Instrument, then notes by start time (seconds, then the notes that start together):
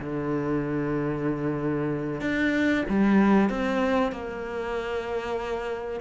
cello
0.00 D3
2.20 D4
2.89 G3
3.50 C4
4.12 A#3